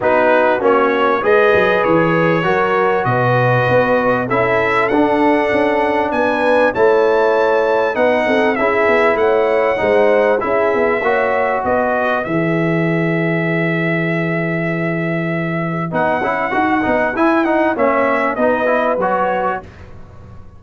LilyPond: <<
  \new Staff \with { instrumentName = "trumpet" } { \time 4/4 \tempo 4 = 98 b'4 cis''4 dis''4 cis''4~ | cis''4 dis''2 e''4 | fis''2 gis''4 a''4~ | a''4 fis''4 e''4 fis''4~ |
fis''4 e''2 dis''4 | e''1~ | e''2 fis''2 | gis''8 fis''8 e''4 dis''4 cis''4 | }
  \new Staff \with { instrumentName = "horn" } { \time 4/4 fis'2 b'2 | ais'4 b'2 a'4~ | a'2 b'4 cis''4~ | cis''4 b'8 a'8 gis'4 cis''4 |
c''4 gis'4 cis''4 b'4~ | b'1~ | b'1~ | b'4 cis''4 b'2 | }
  \new Staff \with { instrumentName = "trombone" } { \time 4/4 dis'4 cis'4 gis'2 | fis'2. e'4 | d'2. e'4~ | e'4 dis'4 e'2 |
dis'4 e'4 fis'2 | gis'1~ | gis'2 dis'8 e'8 fis'8 dis'8 | e'8 dis'8 cis'4 dis'8 e'8 fis'4 | }
  \new Staff \with { instrumentName = "tuba" } { \time 4/4 b4 ais4 gis8 fis8 e4 | fis4 b,4 b4 cis'4 | d'4 cis'4 b4 a4~ | a4 b8 c'8 cis'8 b8 a4 |
gis4 cis'8 b8 ais4 b4 | e1~ | e2 b8 cis'8 dis'8 b8 | e'4 ais4 b4 fis4 | }
>>